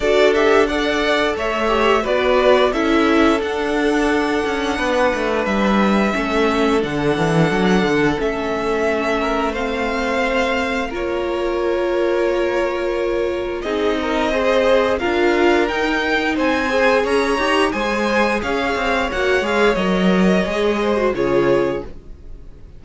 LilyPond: <<
  \new Staff \with { instrumentName = "violin" } { \time 4/4 \tempo 4 = 88 d''8 e''8 fis''4 e''4 d''4 | e''4 fis''2. | e''2 fis''2 | e''2 f''2 |
cis''1 | dis''2 f''4 g''4 | gis''4 ais''4 gis''4 f''4 | fis''8 f''8 dis''2 cis''4 | }
  \new Staff \with { instrumentName = "violin" } { \time 4/4 a'4 d''4 cis''4 b'4 | a'2. b'4~ | b'4 a'2.~ | a'4. ais'8 c''2 |
ais'1 | gis'8 ais'8 c''4 ais'2 | c''4 cis''4 c''4 cis''4~ | cis''2~ cis''8 c''8 gis'4 | }
  \new Staff \with { instrumentName = "viola" } { \time 4/4 fis'8 g'8 a'4. g'8 fis'4 | e'4 d'2.~ | d'4 cis'4 d'2 | cis'2 c'2 |
f'1 | dis'4 gis'4 f'4 dis'4~ | dis'8 gis'4 g'8 gis'2 | fis'8 gis'8 ais'4 gis'8. fis'16 f'4 | }
  \new Staff \with { instrumentName = "cello" } { \time 4/4 d'2 a4 b4 | cis'4 d'4. cis'8 b8 a8 | g4 a4 d8 e8 fis8 d8 | a1 |
ais1 | c'2 d'4 dis'4 | c'4 cis'8 dis'8 gis4 cis'8 c'8 | ais8 gis8 fis4 gis4 cis4 | }
>>